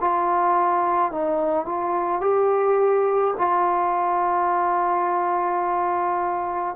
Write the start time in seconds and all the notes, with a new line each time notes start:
0.00 F4
1.12 D#4
1.66 F4
2.21 G4
3.38 F4